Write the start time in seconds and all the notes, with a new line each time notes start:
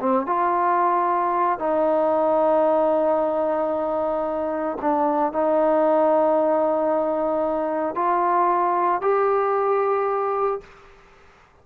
0.00 C4
0.27 F4
1.60 D#4
4.82 D4
5.33 D#4
7.95 F4
9.02 G4